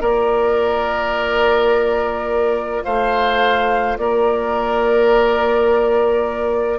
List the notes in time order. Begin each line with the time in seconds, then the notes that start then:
0.00 A#3 F4 A#4 D5
2.84 A3 C5 F5
3.97 A#3 A#4 D5